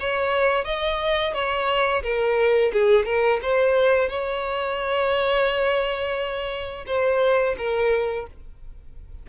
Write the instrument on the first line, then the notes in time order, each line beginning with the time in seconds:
violin
0.00 C#5
0.65 D#5
1.34 C#5
2.03 A#4
2.73 G#4
3.05 A#4
3.42 C5
4.09 C#5
6.87 C5
7.58 A#4